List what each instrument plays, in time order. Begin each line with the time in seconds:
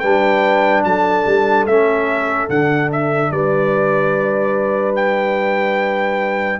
0.00 tuba G3, trombone D4, horn B4, trumpet G5
0.84 tuba F#3, horn A4, trumpet A5
1.27 tuba G3
1.67 tuba A3, trombone C#4, trumpet E5
2.49 tuba D3, trombone D4, trumpet F#5
2.92 trumpet E5
3.32 tuba G3, horn B4, trumpet D5
4.96 trumpet G5